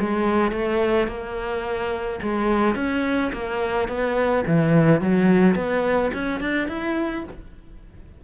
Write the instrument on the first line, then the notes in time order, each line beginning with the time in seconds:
cello
0.00 G#3
0.52 A3
1.08 A#3
2.23 G#3
2.76 C#4
3.33 A#3
3.89 B3
4.47 E3
5.01 F#3
5.56 B3
6.14 C#4
6.41 D4
6.68 E4